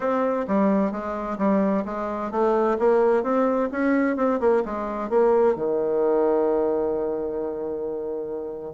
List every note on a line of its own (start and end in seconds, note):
0.00 0.46 C4
0.47 0.91 G3
0.91 1.37 G#3
1.37 1.84 G3
1.85 2.31 G#3
2.31 2.77 A3
2.78 3.23 A#3
3.23 3.69 C4
3.71 4.16 C#4
4.16 4.39 C4
4.40 4.63 A#3
4.65 5.09 G#3
5.09 5.55 A#3
5.55 8.73 D#3